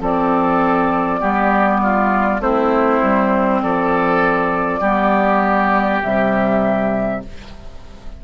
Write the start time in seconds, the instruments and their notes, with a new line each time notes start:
0.00 bassoon F3, clarinet C4, oboe A4, flute D5
1.20 bassoon G3, clarinet B3, oboe G4
1.82 oboe F4
2.39 bassoon A3, clarinet C4, oboe E4, flute C5
3.02 bassoon G3
3.62 bassoon F3, oboe A4, flute D5
4.80 bassoon G3, clarinet B3, oboe G4
6.02 bassoon C3, clarinet G3, flute E5